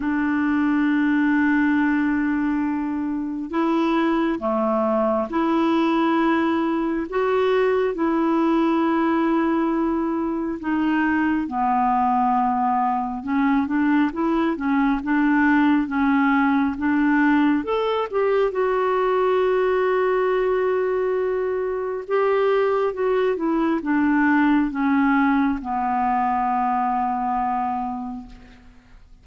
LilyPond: \new Staff \with { instrumentName = "clarinet" } { \time 4/4 \tempo 4 = 68 d'1 | e'4 a4 e'2 | fis'4 e'2. | dis'4 b2 cis'8 d'8 |
e'8 cis'8 d'4 cis'4 d'4 | a'8 g'8 fis'2.~ | fis'4 g'4 fis'8 e'8 d'4 | cis'4 b2. | }